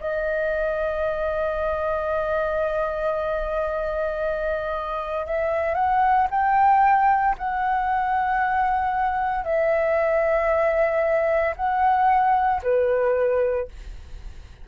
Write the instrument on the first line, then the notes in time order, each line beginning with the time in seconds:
flute
0.00 D#5
5.26 E5
5.75 F#5
6.31 G5
7.38 F#5
9.44 E5
11.56 F#5
12.63 B4